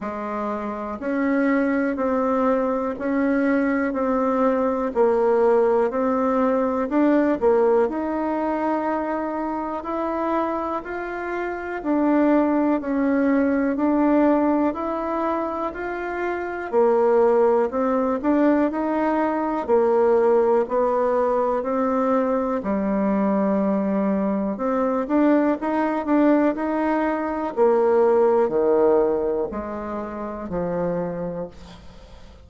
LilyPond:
\new Staff \with { instrumentName = "bassoon" } { \time 4/4 \tempo 4 = 61 gis4 cis'4 c'4 cis'4 | c'4 ais4 c'4 d'8 ais8 | dis'2 e'4 f'4 | d'4 cis'4 d'4 e'4 |
f'4 ais4 c'8 d'8 dis'4 | ais4 b4 c'4 g4~ | g4 c'8 d'8 dis'8 d'8 dis'4 | ais4 dis4 gis4 f4 | }